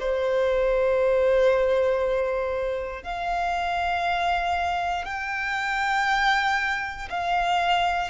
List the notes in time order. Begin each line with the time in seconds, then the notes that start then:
0.00 C5
3.03 F5
5.05 G5
7.10 F5